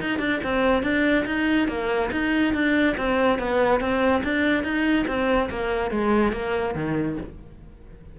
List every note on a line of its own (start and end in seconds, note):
0.00 0.19 D#4
0.19 0.40 D4
0.44 0.83 C4
0.83 1.25 D4
1.26 1.68 D#4
1.68 2.10 A#3
2.11 2.54 D#4
2.54 2.96 D4
2.97 3.39 C4
3.39 3.80 B3
3.80 4.22 C4
4.23 4.63 D4
4.63 5.06 D#4
5.07 5.49 C4
5.49 5.91 A#3
5.91 6.32 G#3
6.32 6.75 A#3
6.75 7.17 D#3